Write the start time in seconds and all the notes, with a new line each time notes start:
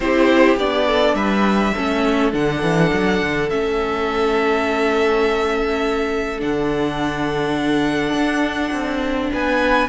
0.00 C4 E4 G4 C5
0.56 B3 D4 D5
0.87 A4
1.14 G3 B4 E5
1.74 A3 C#4 A4
2.32 D3 D4 F#5
2.62 E3
2.93 F#3
3.21 D3
3.49 A3 C#4 E5
6.38 D3 D4 F#5
8.13 D4
8.72 C4
9.31 B3 B4 G#5